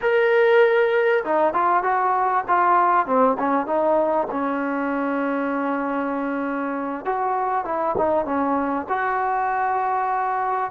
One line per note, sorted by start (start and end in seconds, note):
0.01 1.24 A#4
1.24 1.53 D#4
1.53 1.83 F4
1.83 2.44 F#4
2.48 3.06 F4
3.06 3.37 C4
3.38 3.66 C#4
3.66 4.27 D#4
4.31 7.05 C#4
7.05 7.64 F#4
7.64 7.95 E4
7.97 8.25 D#4
8.25 8.86 C#4
8.88 10.71 F#4